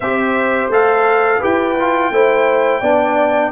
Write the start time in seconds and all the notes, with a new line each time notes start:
0.00 C4 G4 C5 E5
0.69 A3 A4 F5
1.39 E4 G4 B4 G5
1.79 F4
2.10 A3 E4 C5
2.80 B3 D4 D5